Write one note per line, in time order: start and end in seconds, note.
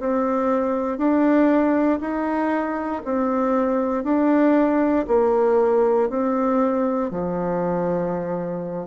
0.00 0.98 C4
0.98 2.00 D4
2.01 3.02 D#4
3.05 4.04 C4
4.04 5.06 D4
5.08 6.09 A#3
6.09 7.11 C4
7.11 8.87 F3